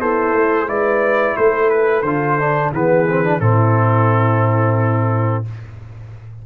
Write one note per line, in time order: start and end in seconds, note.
0.00 0.34 B3
0.00 0.68 E4
0.00 0.67 A4
0.00 0.69 C5
0.34 0.68 A3
0.67 1.36 G#3
0.67 2.04 E4
0.67 1.37 B4
0.67 1.37 D5
1.37 2.03 A3
1.37 2.73 A4
1.37 1.70 C5
1.70 2.02 B4
2.02 2.71 D3
2.02 2.40 F4
2.02 2.70 C5
2.40 2.74 D4
2.73 3.41 E3
2.73 3.08 B3
2.73 3.41 G#4
2.73 3.40 B4
3.09 3.24 C4
3.24 3.41 D4
3.40 5.45 A2
3.40 5.45 C4
3.40 5.46 E4
3.40 5.45 A4